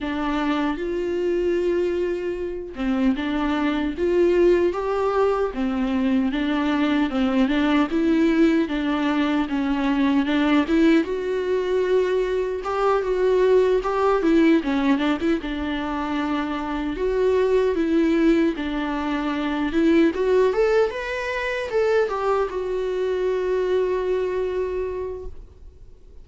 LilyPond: \new Staff \with { instrumentName = "viola" } { \time 4/4 \tempo 4 = 76 d'4 f'2~ f'8 c'8 | d'4 f'4 g'4 c'4 | d'4 c'8 d'8 e'4 d'4 | cis'4 d'8 e'8 fis'2 |
g'8 fis'4 g'8 e'8 cis'8 d'16 e'16 d'8~ | d'4. fis'4 e'4 d'8~ | d'4 e'8 fis'8 a'8 b'4 a'8 | g'8 fis'2.~ fis'8 | }